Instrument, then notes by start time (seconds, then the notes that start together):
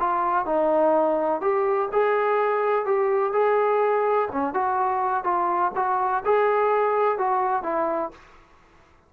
trombone
0.00 F4
0.46 D#4
1.41 G4
1.92 G#4
2.86 G4
3.33 G#4
4.32 C#4
4.54 F#4
5.24 F4
5.76 F#4
6.25 G#4
7.19 F#4
7.63 E4